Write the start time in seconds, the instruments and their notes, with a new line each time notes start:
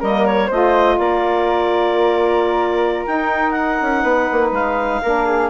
0.00 bassoon G3, saxophone A#3, flute A#4, clarinet D#5
0.26 clarinet C#5
0.47 bassoon A3, saxophone F4, flute C5, clarinet D#5
0.98 bassoon A#3, flute A#4, clarinet D5
3.06 bassoon D#4, saxophone D#4, clarinet G5
3.51 clarinet F#5
3.81 bassoon C#4
4.03 bassoon B3, flute B4
4.32 bassoon A#3
4.51 bassoon G#3, clarinet F5
5.02 bassoon A#3, saxophone D4, flute A#4
5.26 flute G#4